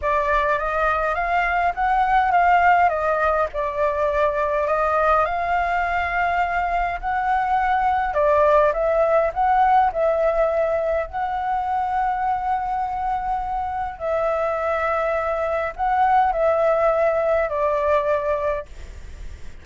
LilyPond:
\new Staff \with { instrumentName = "flute" } { \time 4/4 \tempo 4 = 103 d''4 dis''4 f''4 fis''4 | f''4 dis''4 d''2 | dis''4 f''2. | fis''2 d''4 e''4 |
fis''4 e''2 fis''4~ | fis''1 | e''2. fis''4 | e''2 d''2 | }